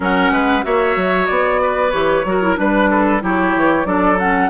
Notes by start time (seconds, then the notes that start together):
0.00 F#3 C#4 A#4 F#5
0.31 G#3 B4
0.62 A#3 F#4 C#5 E5
0.96 F#3
1.26 B3 D5
1.61 B4
1.90 E3 G4 C#5
2.24 F#3 F#4 A#4
2.42 E4
2.56 G3 D4 B4
2.90 A4
3.20 F#3 E4 G4 C#5
3.55 E3
3.84 F#3 D4 A4 D5
4.18 C#4 F#5